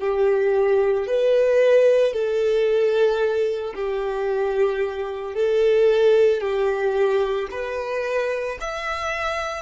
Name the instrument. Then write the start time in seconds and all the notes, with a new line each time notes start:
violin
0.00 G4
1.07 B4
2.14 A4
3.75 G4
5.35 A4
6.41 G4
7.51 B4
8.61 E5